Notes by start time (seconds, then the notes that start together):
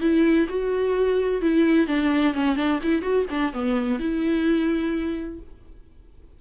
0.00 E4
0.49 F#4
1.41 E4
1.87 D4
2.34 C#4
2.56 D4
2.83 E4
3.02 F#4
3.30 D4
3.53 B3
3.99 E4